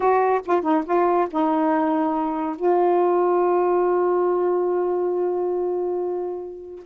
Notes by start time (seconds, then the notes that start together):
0.00 F#4
0.45 F4
0.62 D#4
0.85 F4
1.30 D#4
2.56 F4